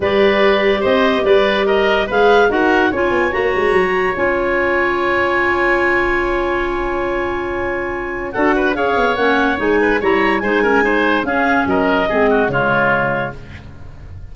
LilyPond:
<<
  \new Staff \with { instrumentName = "clarinet" } { \time 4/4 \tempo 4 = 144 d''2 dis''4 d''4 | dis''4 f''4 fis''4 gis''4 | ais''2 gis''2~ | gis''1~ |
gis''1 | fis''4 f''4 fis''4 gis''4 | ais''4 gis''2 f''4 | dis''2 cis''2 | }
  \new Staff \with { instrumentName = "oboe" } { \time 4/4 b'2 c''4 b'4 | ais'4 b'4 ais'4 cis''4~ | cis''1~ | cis''1~ |
cis''1 | a'8 b'8 cis''2~ cis''8 b'8 | cis''4 c''8 ais'8 c''4 gis'4 | ais'4 gis'8 fis'8 f'2 | }
  \new Staff \with { instrumentName = "clarinet" } { \time 4/4 g'1~ | g'4 gis'4 fis'4 f'4 | fis'2 f'2~ | f'1~ |
f'1 | fis'4 gis'4 cis'4 dis'4 | e'4 dis'8 cis'8 dis'4 cis'4~ | cis'4 c'4 gis2 | }
  \new Staff \with { instrumentName = "tuba" } { \time 4/4 g2 c'4 g4~ | g4 gis4 dis'4 cis'8 b8 | ais8 gis8 fis4 cis'2~ | cis'1~ |
cis'1 | d'4 cis'8 b8 ais4 gis4 | g4 gis2 cis'4 | fis4 gis4 cis2 | }
>>